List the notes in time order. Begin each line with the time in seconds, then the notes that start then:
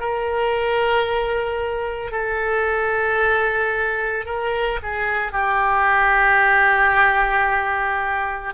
0.00 A#4
2.11 A4
4.25 A#4
4.83 G#4
5.32 G4